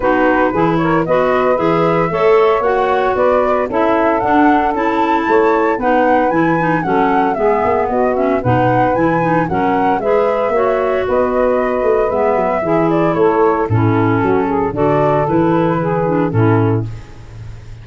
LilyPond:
<<
  \new Staff \with { instrumentName = "flute" } { \time 4/4 \tempo 4 = 114 b'4. cis''8 dis''4 e''4~ | e''4 fis''4 d''4 e''4 | fis''4 a''2 fis''4 | gis''4 fis''4 e''4 dis''8 e''8 |
fis''4 gis''4 fis''4 e''4~ | e''4 dis''2 e''4~ | e''8 d''8 cis''4 a'2 | d''4 b'2 a'4 | }
  \new Staff \with { instrumentName = "saxophone" } { \time 4/4 fis'4 gis'8 ais'8 b'2 | cis''2 b'4 a'4~ | a'2 cis''4 b'4~ | b'4 a'4 gis'4 fis'4 |
b'2 ais'4 b'4 | cis''4 b'2. | gis'4 a'4 e'4 fis'8 gis'8 | a'2 gis'4 e'4 | }
  \new Staff \with { instrumentName = "clarinet" } { \time 4/4 dis'4 e'4 fis'4 gis'4 | a'4 fis'2 e'4 | d'4 e'2 dis'4 | e'8 dis'8 cis'4 b4. cis'8 |
dis'4 e'8 dis'8 cis'4 gis'4 | fis'2. b4 | e'2 cis'2 | fis'4 e'4. d'8 cis'4 | }
  \new Staff \with { instrumentName = "tuba" } { \time 4/4 b4 e4 b4 e4 | a4 ais4 b4 cis'4 | d'4 cis'4 a4 b4 | e4 fis4 gis8 ais8 b4 |
b,4 e4 fis4 gis4 | ais4 b4. a8 gis8 fis8 | e4 a4 a,4 fis4 | d4 e2 a,4 | }
>>